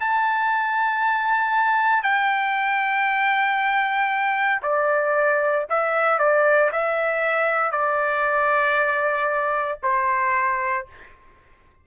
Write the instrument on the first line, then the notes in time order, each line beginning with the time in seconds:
trumpet
0.00 A5
2.03 G5
4.63 D5
5.70 E5
6.19 D5
6.72 E5
7.72 D5
9.83 C5